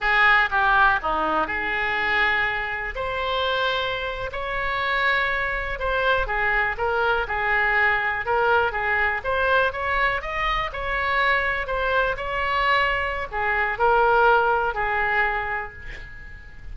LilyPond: \new Staff \with { instrumentName = "oboe" } { \time 4/4 \tempo 4 = 122 gis'4 g'4 dis'4 gis'4~ | gis'2 c''2~ | c''8. cis''2. c''16~ | c''8. gis'4 ais'4 gis'4~ gis'16~ |
gis'8. ais'4 gis'4 c''4 cis''16~ | cis''8. dis''4 cis''2 c''16~ | c''8. cis''2~ cis''16 gis'4 | ais'2 gis'2 | }